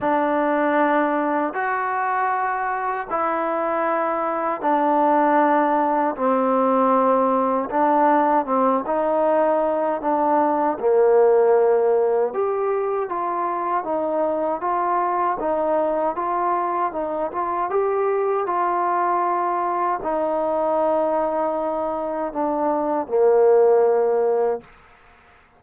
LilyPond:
\new Staff \with { instrumentName = "trombone" } { \time 4/4 \tempo 4 = 78 d'2 fis'2 | e'2 d'2 | c'2 d'4 c'8 dis'8~ | dis'4 d'4 ais2 |
g'4 f'4 dis'4 f'4 | dis'4 f'4 dis'8 f'8 g'4 | f'2 dis'2~ | dis'4 d'4 ais2 | }